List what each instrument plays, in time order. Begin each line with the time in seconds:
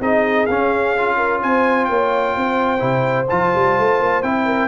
0.00 tuba C4, trombone D#4, horn G#4, trumpet D#5
0.46 tuba C#4, trombone C#4, trumpet F5
0.97 trombone F4
1.16 horn A#4
1.42 tuba C4, horn C5, trumpet G#5
1.85 tuba A#3, horn C#5, trumpet G5
2.35 tuba C4, horn C5
2.79 tuba C3, trombone E4
3.29 tuba F3, trombone F4, trumpet A5
3.55 tuba G3
3.79 tuba A3
4.00 tuba A#3
4.22 tuba C4, trombone E4, trumpet G5
4.45 horn A#4